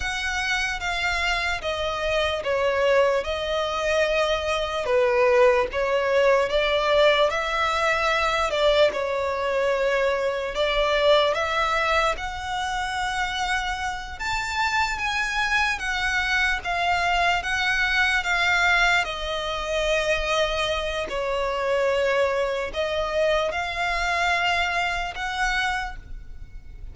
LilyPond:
\new Staff \with { instrumentName = "violin" } { \time 4/4 \tempo 4 = 74 fis''4 f''4 dis''4 cis''4 | dis''2 b'4 cis''4 | d''4 e''4. d''8 cis''4~ | cis''4 d''4 e''4 fis''4~ |
fis''4. a''4 gis''4 fis''8~ | fis''8 f''4 fis''4 f''4 dis''8~ | dis''2 cis''2 | dis''4 f''2 fis''4 | }